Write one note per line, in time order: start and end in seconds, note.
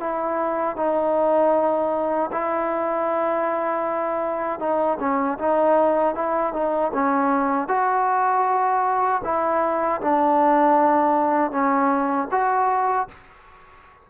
0.00 0.77 E4
0.77 2.30 D#4
2.32 4.60 E4
4.60 4.98 D#4
5.00 5.38 C#4
5.39 6.15 D#4
6.15 6.53 E4
6.53 6.92 D#4
6.94 7.68 C#4
7.68 9.22 F#4
9.24 10.01 E4
10.01 11.51 D4
11.51 12.28 C#4
12.31 13.08 F#4